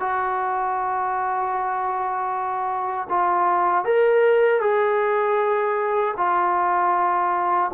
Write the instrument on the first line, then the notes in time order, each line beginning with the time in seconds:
trombone
0.00 F#4
3.09 F4
3.84 A#4
4.60 G#4
6.17 F4